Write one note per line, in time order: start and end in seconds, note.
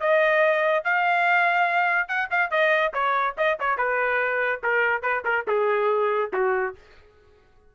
0.00 0.84 D#5
0.84 2.08 F5
2.08 2.29 F#5
2.30 2.50 F5
2.50 2.92 D#5
2.93 3.35 C#5
3.37 3.58 D#5
3.60 3.77 C#5
3.77 4.61 B4
4.63 5.02 A#4
5.02 5.23 B4
5.24 5.45 A#4
5.47 6.31 G#4
6.33 6.75 F#4